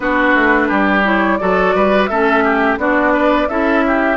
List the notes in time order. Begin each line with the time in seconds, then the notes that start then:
0.00 B3 D4 F#4 B4
0.34 A3
0.68 G3 G4
1.04 E4 C#5
1.37 F#3 F#4 A4 D5
1.74 G3 B4
2.06 A3 C#4 A4 E5
2.43 G4
2.77 B3 D4 F#4 D5
3.13 B4
3.48 C#4 E4 A4 E5
3.87 G4